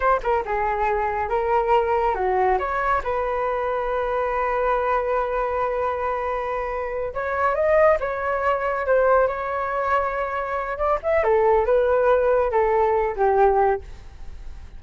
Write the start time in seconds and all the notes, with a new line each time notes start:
0.00 C5
0.22 A#4
0.45 G#4
1.29 A#4
2.14 F#4
2.58 C#5
3.03 B4
7.14 C#5
7.55 D#5
8.00 C#5
8.86 C5
9.27 C#5
10.77 D5
11.02 E5
11.23 A4
11.65 B4
12.51 A4
13.16 G4